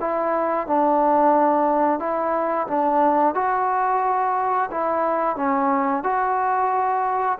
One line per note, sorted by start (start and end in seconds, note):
0.00 0.66 E4
0.66 1.99 D4
1.99 2.67 E4
2.67 3.34 D4
3.35 4.69 F#4
4.71 5.36 E4
5.36 6.03 C#4
6.03 7.38 F#4